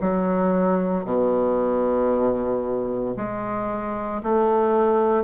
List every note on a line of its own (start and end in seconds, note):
0.00 1.04 F#3
1.04 3.15 B2
3.16 4.22 G#3
4.22 5.23 A3